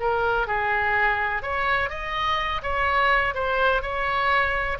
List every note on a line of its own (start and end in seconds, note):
0.00 0.47 A#4
0.47 1.42 G#4
1.42 1.89 C#5
1.89 2.61 D#5
2.62 3.34 C#5
3.34 3.82 C5
3.82 4.78 C#5